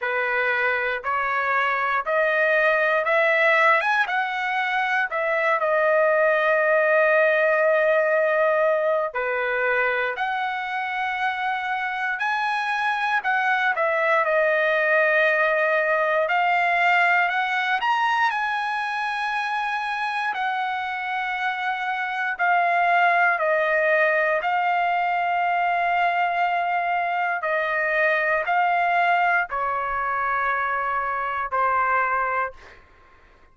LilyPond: \new Staff \with { instrumentName = "trumpet" } { \time 4/4 \tempo 4 = 59 b'4 cis''4 dis''4 e''8. gis''16 | fis''4 e''8 dis''2~ dis''8~ | dis''4 b'4 fis''2 | gis''4 fis''8 e''8 dis''2 |
f''4 fis''8 ais''8 gis''2 | fis''2 f''4 dis''4 | f''2. dis''4 | f''4 cis''2 c''4 | }